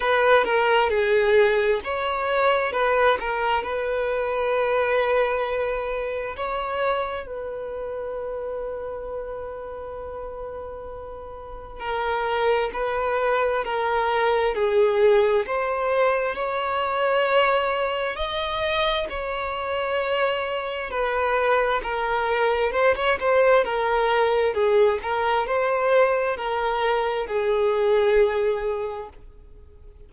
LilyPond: \new Staff \with { instrumentName = "violin" } { \time 4/4 \tempo 4 = 66 b'8 ais'8 gis'4 cis''4 b'8 ais'8 | b'2. cis''4 | b'1~ | b'4 ais'4 b'4 ais'4 |
gis'4 c''4 cis''2 | dis''4 cis''2 b'4 | ais'4 c''16 cis''16 c''8 ais'4 gis'8 ais'8 | c''4 ais'4 gis'2 | }